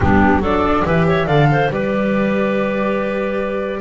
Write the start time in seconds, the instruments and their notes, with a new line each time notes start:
0.00 double bass G3, viola B3, clarinet D4, flute G4
0.40 double bass F#3, viola D4, clarinet A4, flute D5
0.85 double bass E3, viola G4, clarinet B4, flute E5
1.07 clarinet C#5
1.26 double bass D3, viola A4, clarinet D5, flute F5
1.51 clarinet C5
1.69 double bass G3, viola G4, clarinet B4, flute D5